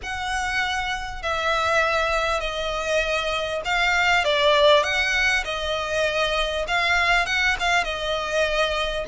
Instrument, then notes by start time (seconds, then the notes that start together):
violin
0.02 F#5
1.22 E5
2.40 D#5
3.64 F5
4.24 D5
4.83 F#5
5.44 D#5
6.67 F5
7.26 F#5
7.59 F5
7.83 D#5